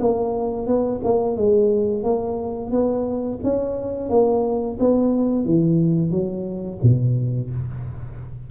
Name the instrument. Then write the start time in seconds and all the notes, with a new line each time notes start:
tuba
0.00 A#3
0.67 B3
1.04 A#3
1.37 G#3
2.04 A#3
2.71 B3
3.44 C#4
4.10 A#3
4.80 B3
5.45 E3
6.11 F#3
6.83 B2